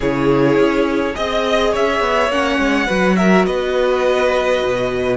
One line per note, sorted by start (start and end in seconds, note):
0.00 0.57 C#3
0.00 1.14 E4
0.00 1.15 G#4
0.00 1.15 C#5
0.57 1.15 C#4
1.14 1.74 C4
1.14 2.29 G#4
1.14 1.71 D#5
1.14 1.73 D#5
1.71 2.00 C#4
1.71 2.86 C#5
1.71 2.31 E5
2.00 2.28 B3
2.28 2.57 A#3
2.28 2.86 C#4
2.28 3.16 F#5
2.58 2.87 G#3
2.86 3.46 F#3
2.86 5.16 F#4
2.86 3.15 B4
3.16 3.46 A#4
3.16 3.45 E5
3.46 4.62 B3
3.46 5.16 B4
3.46 5.16 D#5
4.64 5.16 B2